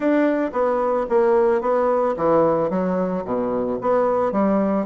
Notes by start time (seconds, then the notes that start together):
0.00 D4
0.52 B3
1.09 A#3
1.61 B3
2.16 E3
2.70 F#3
3.25 B2
3.81 B3
4.32 G3